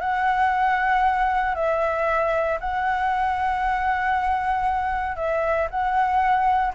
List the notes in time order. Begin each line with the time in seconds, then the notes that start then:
0.00 F#5
1.55 E5
2.60 F#5
5.16 E5
5.70 F#5